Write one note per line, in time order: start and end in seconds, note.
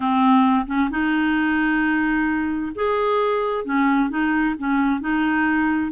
0.00 0.65 C4
0.66 0.89 C#4
0.90 2.72 D#4
2.75 3.64 G#4
3.64 4.09 C#4
4.09 4.55 D#4
4.58 5.00 C#4
5.00 5.91 D#4